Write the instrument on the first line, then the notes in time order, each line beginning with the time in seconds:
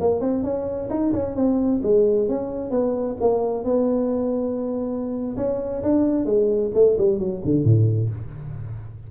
tuba
0.00 A#3
0.20 C4
0.43 C#4
0.89 D#4
1.13 C#4
1.35 C4
1.83 G#3
2.28 C#4
2.70 B3
3.20 A#3
3.64 B3
5.36 C#4
5.83 D4
6.25 G#3
6.74 A3
6.97 G3
7.19 F#3
7.44 D3
7.64 A2